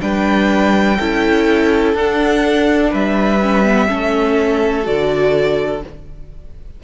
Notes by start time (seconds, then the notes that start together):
0.00 G3 D4 B4 G5
0.98 C#4 E4 A4
1.94 D4 F#5
2.90 G3 B4 E5
3.41 C#4
3.64 B3
3.87 A3 C#4 A4
4.83 D3 F#4 D5